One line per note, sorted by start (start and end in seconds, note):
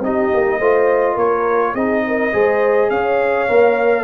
0.00 0.29 C4
0.00 0.61 D#4
0.00 0.59 G4
0.00 1.18 D#5
0.34 0.60 A#3
0.59 1.17 A3
0.59 1.76 F4
0.59 1.14 C5
1.14 1.74 A#3
1.14 1.72 A#4
1.14 1.75 C#5
1.74 2.32 C4
1.74 2.33 D#4
1.74 2.03 G#4
1.74 2.90 D#5
2.07 2.33 A#4
2.33 2.91 G#3
2.33 3.48 G#4
2.33 2.91 C5
2.90 3.48 C#4
2.90 4.04 C#5
2.90 4.04 F5
3.48 4.04 A#3
3.48 4.04 A#4